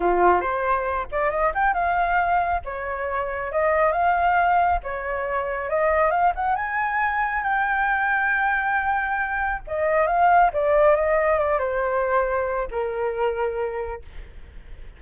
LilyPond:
\new Staff \with { instrumentName = "flute" } { \time 4/4 \tempo 4 = 137 f'4 c''4. d''8 dis''8 g''8 | f''2 cis''2 | dis''4 f''2 cis''4~ | cis''4 dis''4 f''8 fis''8 gis''4~ |
gis''4 g''2.~ | g''2 dis''4 f''4 | d''4 dis''4 d''8 c''4.~ | c''4 ais'2. | }